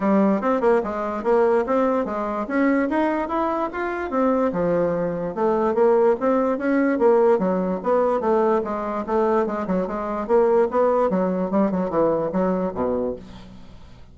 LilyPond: \new Staff \with { instrumentName = "bassoon" } { \time 4/4 \tempo 4 = 146 g4 c'8 ais8 gis4 ais4 | c'4 gis4 cis'4 dis'4 | e'4 f'4 c'4 f4~ | f4 a4 ais4 c'4 |
cis'4 ais4 fis4 b4 | a4 gis4 a4 gis8 fis8 | gis4 ais4 b4 fis4 | g8 fis8 e4 fis4 b,4 | }